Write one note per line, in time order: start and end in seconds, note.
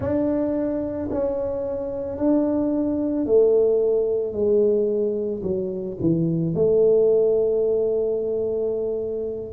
0.00 1.09 D4
1.11 2.17 C#4
2.17 3.25 D4
3.25 4.32 A3
4.32 5.41 G#3
5.42 5.97 F#3
6.00 6.54 E3
6.54 9.53 A3